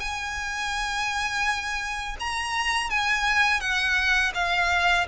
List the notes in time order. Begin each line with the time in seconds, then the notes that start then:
0.00 G#5
2.20 A#5
2.90 G#5
3.61 F#5
4.35 F5